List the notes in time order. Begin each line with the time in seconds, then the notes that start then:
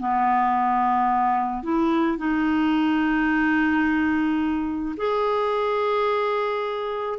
0.00 B3
1.63 E4
2.18 D#4
4.97 G#4